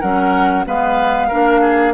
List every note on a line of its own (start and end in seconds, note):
0.00 0.66 F#3
0.00 0.65 C#4
0.00 0.65 A#4
0.00 0.65 F#5
0.65 1.31 G#3
0.65 1.30 B3
0.65 1.28 B4
0.65 1.94 F5
1.28 1.94 A#3
1.28 1.94 D4
1.28 1.60 A#4
1.60 1.93 G#4